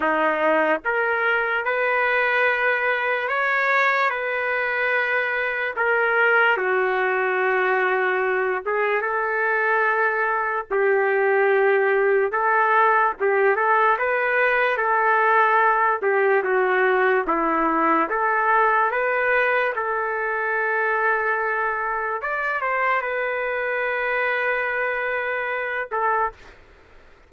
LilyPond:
\new Staff \with { instrumentName = "trumpet" } { \time 4/4 \tempo 4 = 73 dis'4 ais'4 b'2 | cis''4 b'2 ais'4 | fis'2~ fis'8 gis'8 a'4~ | a'4 g'2 a'4 |
g'8 a'8 b'4 a'4. g'8 | fis'4 e'4 a'4 b'4 | a'2. d''8 c''8 | b'2.~ b'8 a'8 | }